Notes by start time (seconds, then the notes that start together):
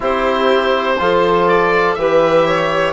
0.00 C4 E4 G4 C5
0.98 F3 F4 A4
1.48 D5
1.94 E3 G4 B4 E5
2.45 C#5